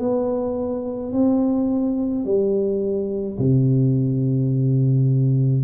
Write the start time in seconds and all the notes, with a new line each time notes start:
0.00 B3
1.13 C4
2.25 G3
3.39 C3